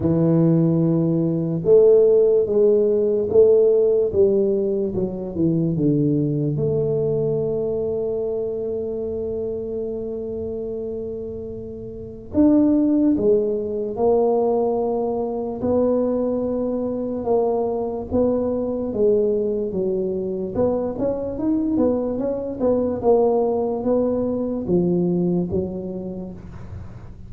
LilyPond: \new Staff \with { instrumentName = "tuba" } { \time 4/4 \tempo 4 = 73 e2 a4 gis4 | a4 g4 fis8 e8 d4 | a1~ | a2. d'4 |
gis4 ais2 b4~ | b4 ais4 b4 gis4 | fis4 b8 cis'8 dis'8 b8 cis'8 b8 | ais4 b4 f4 fis4 | }